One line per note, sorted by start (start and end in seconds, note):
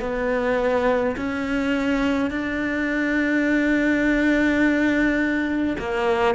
0.00 1.15 B3
1.16 2.30 C#4
2.30 5.76 D4
5.79 6.35 A#3